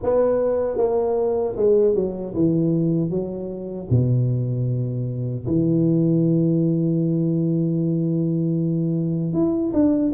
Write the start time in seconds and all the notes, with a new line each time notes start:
0.02 B3
0.77 A#3
1.56 G#3
1.94 F#3
2.34 E3
3.10 F#3
3.90 B2
5.47 E3
9.33 E4
9.73 D4